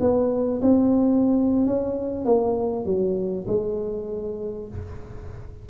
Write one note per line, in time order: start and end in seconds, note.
0.00 0.61 B3
0.61 1.66 C4
1.66 2.25 C#4
2.25 2.85 A#3
2.85 3.46 F#3
3.47 4.68 G#3